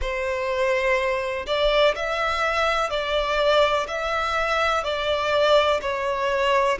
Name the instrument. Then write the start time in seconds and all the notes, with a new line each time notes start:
violin
0.00 C5
1.46 D5
1.95 E5
2.90 D5
3.87 E5
4.83 D5
5.81 C#5